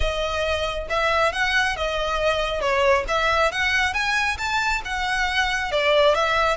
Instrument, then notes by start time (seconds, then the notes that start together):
violin
0.00 D#5
0.89 E5
1.32 F#5
1.76 D#5
2.60 C#5
3.08 E5
3.51 F#5
3.93 G#5
4.38 A5
4.84 F#5
5.71 D5
6.15 E5